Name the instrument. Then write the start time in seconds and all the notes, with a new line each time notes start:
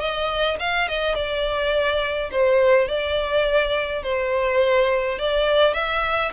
violin
0.00 D#5
0.60 F5
0.88 D#5
1.15 D5
2.32 C5
2.88 D5
4.03 C5
5.19 D5
5.74 E5